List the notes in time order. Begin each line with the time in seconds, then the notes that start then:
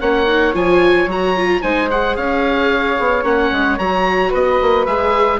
0.00 A#3 C#4 C#5 F#5
0.27 D#4
0.54 F3 F4 G#5
1.07 F#3 F#4 A#5
1.37 F4
1.62 G#3 D#4 C5 G#5
1.91 G#4 F#5
2.16 C#4 C#5 F5
2.99 B3
3.23 A#3 C#4 F#5
3.52 G#3
3.78 F#3 F#4 A#5
4.30 B3 B4 D#5
4.62 A#3
4.86 G#3 G#4 E5